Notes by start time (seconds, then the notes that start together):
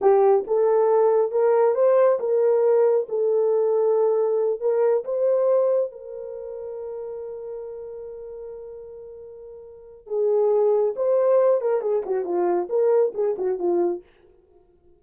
0.01 G4
0.47 A4
1.31 A#4
1.74 C5
2.19 A#4
3.08 A4
4.60 A#4
5.04 C5
5.91 A#4
10.06 G#4
10.95 C5
11.61 A#4
11.81 G#4
12.05 F#4
12.24 F4
12.69 A#4
13.14 G#4
13.38 F#4
13.58 F4